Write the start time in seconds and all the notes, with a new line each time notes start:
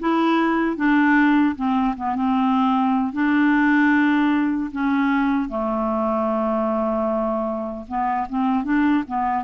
0.00 E4
0.77 D4
1.56 C4
1.97 B3
2.16 C4
3.13 D4
4.72 C#4
5.49 A3
7.88 B3
8.30 C4
8.64 D4
9.08 B3